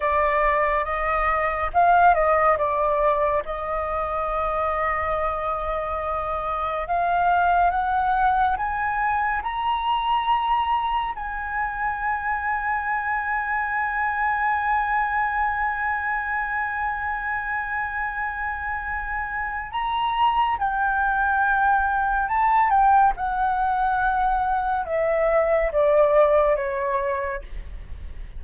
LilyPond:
\new Staff \with { instrumentName = "flute" } { \time 4/4 \tempo 4 = 70 d''4 dis''4 f''8 dis''8 d''4 | dis''1 | f''4 fis''4 gis''4 ais''4~ | ais''4 gis''2.~ |
gis''1~ | gis''2. ais''4 | g''2 a''8 g''8 fis''4~ | fis''4 e''4 d''4 cis''4 | }